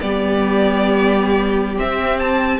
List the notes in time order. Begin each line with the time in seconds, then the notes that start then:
0.00 G3 B3 G4 D5
1.76 C4 E5
2.18 A5